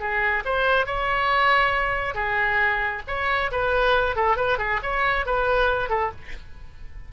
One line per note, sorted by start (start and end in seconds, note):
0.00 0.44 G#4
0.45 0.87 C5
0.87 2.15 C#5
2.15 3.03 G#4
3.08 3.52 C#5
3.52 4.16 B4
4.16 4.37 A4
4.37 4.59 B4
4.59 4.81 G#4
4.83 5.26 C#5
5.26 5.89 B4
5.89 6.11 A4